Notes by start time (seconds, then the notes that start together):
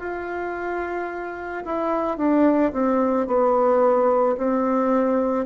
0.00 F4
1.65 E4
2.18 D4
2.73 C4
3.27 B3
4.37 C4